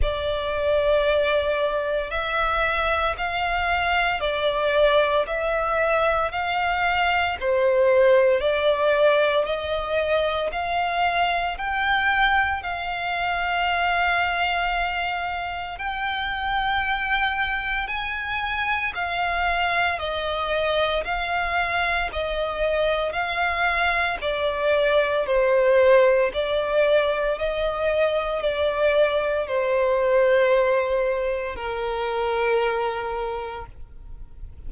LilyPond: \new Staff \with { instrumentName = "violin" } { \time 4/4 \tempo 4 = 57 d''2 e''4 f''4 | d''4 e''4 f''4 c''4 | d''4 dis''4 f''4 g''4 | f''2. g''4~ |
g''4 gis''4 f''4 dis''4 | f''4 dis''4 f''4 d''4 | c''4 d''4 dis''4 d''4 | c''2 ais'2 | }